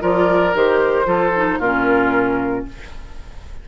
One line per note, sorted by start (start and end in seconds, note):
0.00 0.54 F3
0.00 0.53 F4
0.00 1.06 A#4
0.00 0.55 D5
0.54 1.06 D#3
0.54 1.05 G4
0.54 1.60 C5
1.05 1.58 F3
1.05 1.31 F4
1.05 1.59 A4
1.35 1.62 D#4
1.58 2.64 A#2
1.58 2.68 C#4
1.58 2.64 F4
1.58 2.66 A#4